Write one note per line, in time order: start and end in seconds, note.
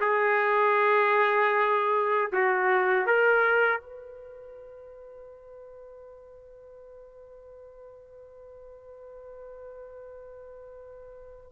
0.00 2.31 G#4
2.32 3.06 F#4
3.06 3.81 A#4
3.81 11.50 B4